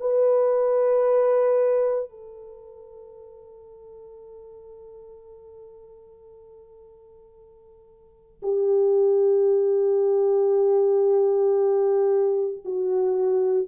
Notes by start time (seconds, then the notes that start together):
0.00 B4
2.10 A4
8.43 G4
12.65 F#4